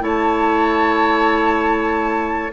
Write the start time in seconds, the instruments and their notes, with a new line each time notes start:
0.00 bassoon A3, clarinet E4, oboe C#5, flute A5